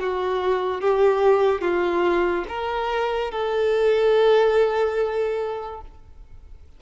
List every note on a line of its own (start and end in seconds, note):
0.00 0.81 F#4
0.81 1.61 G4
1.61 2.45 F4
2.48 3.31 A#4
3.31 5.81 A4